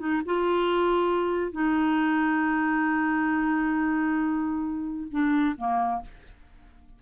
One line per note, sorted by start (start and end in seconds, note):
0.00 0.22 D#4
0.26 1.52 F4
1.52 5.08 D#4
5.12 5.56 D4
5.58 6.02 A#3